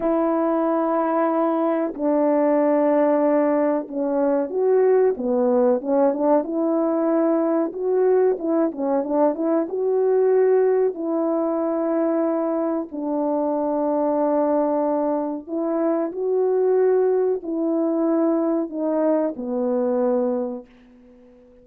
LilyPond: \new Staff \with { instrumentName = "horn" } { \time 4/4 \tempo 4 = 93 e'2. d'4~ | d'2 cis'4 fis'4 | b4 cis'8 d'8 e'2 | fis'4 e'8 cis'8 d'8 e'8 fis'4~ |
fis'4 e'2. | d'1 | e'4 fis'2 e'4~ | e'4 dis'4 b2 | }